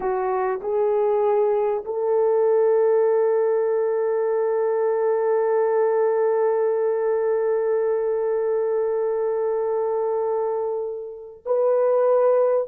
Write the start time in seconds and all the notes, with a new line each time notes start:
0.00 F#4
0.60 G#4
1.84 A4
11.45 B4